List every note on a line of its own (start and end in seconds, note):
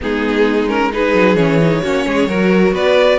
0.00 1.13 G#3
0.00 0.67 B3
0.00 0.92 D#4
0.00 0.69 G#4
0.67 0.90 C#4
0.67 0.91 A#4
0.92 1.36 D#4
0.92 1.82 G#4
0.92 1.36 B4
1.13 1.35 F#3
1.35 1.81 E3
1.35 1.59 C#4
1.35 2.73 C#5
1.61 1.83 D#4
1.82 2.06 A#3
1.82 2.29 C#4
1.82 2.05 F#4
2.06 2.27 G#3
2.06 2.28 G#4
2.27 2.72 F#3
2.27 3.18 F#4
2.27 2.73 A#4
2.72 3.18 B3
2.72 3.18 B4
2.72 3.18 D5